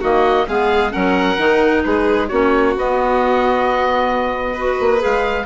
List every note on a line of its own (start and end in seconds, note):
0.00 0.47 D#3
0.00 0.47 A#3
0.00 0.45 F#4
0.00 0.47 D#5
0.47 0.93 G#3
0.47 0.91 B3
0.47 0.93 G#4
0.47 0.91 F5
0.91 1.37 F#3
0.91 1.36 C#4
0.91 1.83 A#4
0.91 1.82 F#5
1.37 1.83 D#3
1.37 2.28 D#4
1.84 2.31 G#3
1.84 2.29 G#4
1.84 2.28 B4
2.28 2.75 A#3
2.28 2.76 C#4
2.28 4.53 F#4
2.28 2.73 C#5
2.75 4.79 B3
2.75 4.57 B3
2.75 5.03 D#5
4.53 4.98 F#4
4.53 5.43 B4
4.79 5.02 A#3
4.98 5.43 G#4
4.98 5.45 F5
5.05 5.45 G#3